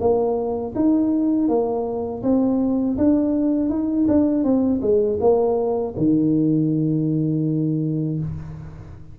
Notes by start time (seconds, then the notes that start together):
0.00 A#3
0.75 D#4
1.48 A#3
2.23 C4
2.98 D4
3.70 D#4
4.08 D4
4.44 C4
4.82 G#3
5.21 A#3
5.97 D#3